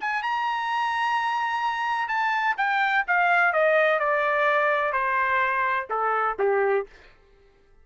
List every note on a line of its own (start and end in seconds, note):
0.00 0.23 G#5
0.23 2.08 A#5
2.08 2.56 A5
2.57 3.05 G5
3.08 3.53 F5
3.53 3.99 D#5
3.99 4.93 D5
4.93 5.87 C5
5.90 6.37 A4
6.39 6.86 G4